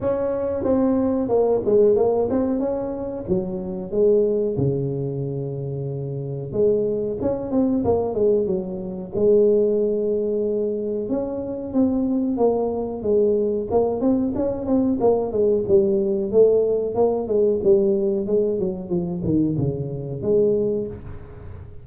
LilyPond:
\new Staff \with { instrumentName = "tuba" } { \time 4/4 \tempo 4 = 92 cis'4 c'4 ais8 gis8 ais8 c'8 | cis'4 fis4 gis4 cis4~ | cis2 gis4 cis'8 c'8 | ais8 gis8 fis4 gis2~ |
gis4 cis'4 c'4 ais4 | gis4 ais8 c'8 cis'8 c'8 ais8 gis8 | g4 a4 ais8 gis8 g4 | gis8 fis8 f8 dis8 cis4 gis4 | }